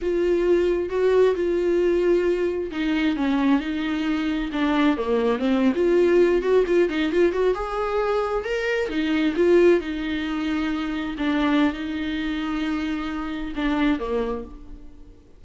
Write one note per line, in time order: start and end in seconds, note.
0.01 0.89 F4
0.89 1.34 F#4
1.35 2.70 F4
2.71 3.16 D#4
3.16 3.60 C#4
3.60 4.50 D#4
4.52 4.97 D4
4.97 5.38 A#3
5.38 5.72 C4
5.75 6.42 F4
6.42 6.64 F#4
6.66 6.89 F4
6.89 7.12 D#4
7.12 7.32 F4
7.32 7.54 F#4
7.54 8.44 G#4
8.44 8.89 A#4
8.89 9.34 D#4
9.36 9.80 F4
9.80 11.15 D#4
11.18 11.73 D4
11.73 13.53 D#4
13.55 13.99 D4
13.99 14.44 A#3